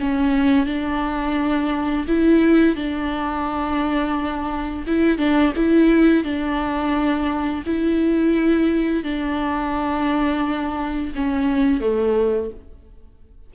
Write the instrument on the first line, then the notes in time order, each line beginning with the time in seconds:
viola
0.00 C#4
0.66 D4
2.08 E4
2.76 D4
4.87 E4
5.18 D4
5.56 E4
6.24 D4
7.66 E4
9.04 D4
11.15 C#4
11.81 A3